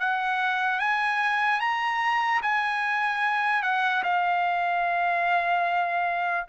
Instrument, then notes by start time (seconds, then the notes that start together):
trumpet
0.00 F#5
0.80 G#5
1.60 A#5
2.42 G#5
3.63 F#5
4.04 F5